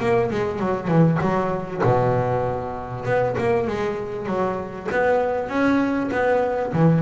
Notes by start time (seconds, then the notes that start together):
0.00 A#3
0.31 G#3
0.60 F#3
0.88 E3
1.21 F#3
1.84 B2
3.05 B3
3.38 A#3
3.68 G#3
4.26 F#3
4.92 B3
5.49 C#4
6.11 B3
6.73 E3